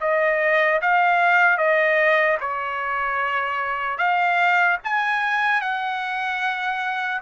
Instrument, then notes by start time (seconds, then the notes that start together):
trumpet
0.00 D#5
0.81 F5
1.57 D#5
2.40 C#5
3.97 F5
4.84 G#5
5.61 F#5